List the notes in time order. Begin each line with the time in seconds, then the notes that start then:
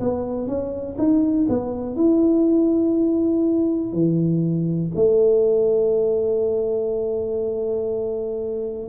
0.00 B3
0.47 C#4
0.98 D#4
1.49 B3
1.96 E4
3.93 E3
4.95 A3